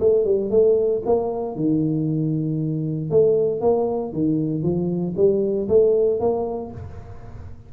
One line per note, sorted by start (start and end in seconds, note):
0.00 0.25 A3
0.25 0.51 G3
0.51 1.02 A3
1.06 1.56 A#3
1.56 3.10 D#3
3.10 3.61 A3
3.61 4.13 A#3
4.13 4.63 D#3
4.63 5.14 F3
5.16 5.68 G3
5.68 6.20 A3
6.20 6.71 A#3